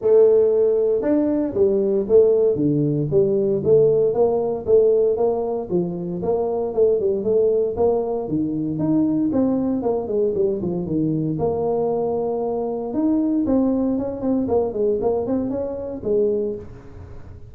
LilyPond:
\new Staff \with { instrumentName = "tuba" } { \time 4/4 \tempo 4 = 116 a2 d'4 g4 | a4 d4 g4 a4 | ais4 a4 ais4 f4 | ais4 a8 g8 a4 ais4 |
dis4 dis'4 c'4 ais8 gis8 | g8 f8 dis4 ais2~ | ais4 dis'4 c'4 cis'8 c'8 | ais8 gis8 ais8 c'8 cis'4 gis4 | }